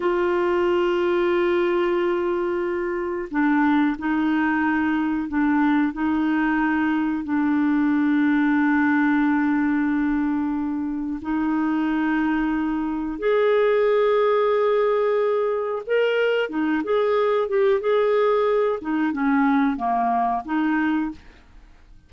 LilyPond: \new Staff \with { instrumentName = "clarinet" } { \time 4/4 \tempo 4 = 91 f'1~ | f'4 d'4 dis'2 | d'4 dis'2 d'4~ | d'1~ |
d'4 dis'2. | gis'1 | ais'4 dis'8 gis'4 g'8 gis'4~ | gis'8 dis'8 cis'4 ais4 dis'4 | }